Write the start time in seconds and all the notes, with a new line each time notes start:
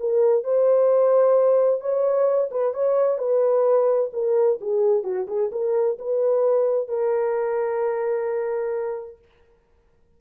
0.00 A#4
0.44 C5
1.81 C#5
2.51 B4
2.74 C#5
3.18 B4
4.13 A#4
4.61 G#4
5.04 F#4
5.28 G#4
5.52 A#4
5.99 B4
6.88 A#4